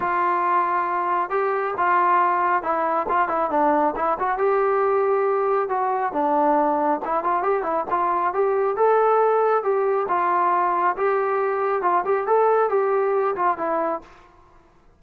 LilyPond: \new Staff \with { instrumentName = "trombone" } { \time 4/4 \tempo 4 = 137 f'2. g'4 | f'2 e'4 f'8 e'8 | d'4 e'8 fis'8 g'2~ | g'4 fis'4 d'2 |
e'8 f'8 g'8 e'8 f'4 g'4 | a'2 g'4 f'4~ | f'4 g'2 f'8 g'8 | a'4 g'4. f'8 e'4 | }